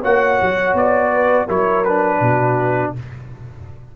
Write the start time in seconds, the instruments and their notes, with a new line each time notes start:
0.00 tuba A#3, trombone F#4, horn C#5, trumpet F#5
0.41 tuba F#3
0.73 tuba B3, trumpet D5
1.13 horn B4
1.46 tuba F#3, trombone E4, horn A#4, trumpet C#5
1.84 trombone D4, trumpet B4
2.20 tuba B2, horn F#4